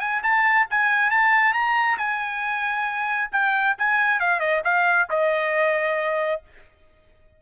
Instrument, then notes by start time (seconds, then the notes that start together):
trumpet
0.00 G#5
0.23 A5
0.70 G#5
1.10 A5
1.53 A#5
1.98 G#5
3.32 G5
3.78 G#5
4.20 F5
4.40 D#5
4.64 F5
5.10 D#5